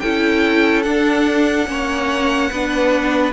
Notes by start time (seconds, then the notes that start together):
0.00 C#4 E4 A4 G5
0.82 D4 F#5
1.67 A#3 C#4 C#5
2.51 B3 D4 B4